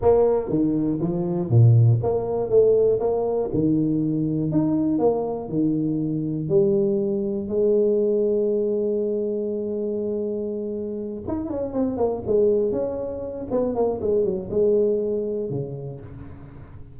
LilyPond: \new Staff \with { instrumentName = "tuba" } { \time 4/4 \tempo 4 = 120 ais4 dis4 f4 ais,4 | ais4 a4 ais4 dis4~ | dis4 dis'4 ais4 dis4~ | dis4 g2 gis4~ |
gis1~ | gis2~ gis8 dis'8 cis'8 c'8 | ais8 gis4 cis'4. b8 ais8 | gis8 fis8 gis2 cis4 | }